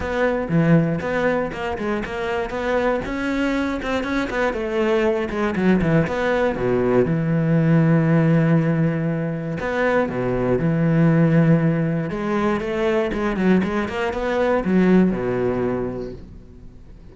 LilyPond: \new Staff \with { instrumentName = "cello" } { \time 4/4 \tempo 4 = 119 b4 e4 b4 ais8 gis8 | ais4 b4 cis'4. c'8 | cis'8 b8 a4. gis8 fis8 e8 | b4 b,4 e2~ |
e2. b4 | b,4 e2. | gis4 a4 gis8 fis8 gis8 ais8 | b4 fis4 b,2 | }